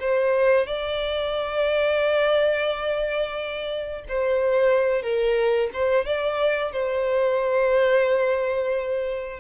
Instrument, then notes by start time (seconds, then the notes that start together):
violin
0.00 C5
0.67 D5
4.08 C5
5.03 A#4
5.73 C5
6.06 D5
6.72 C5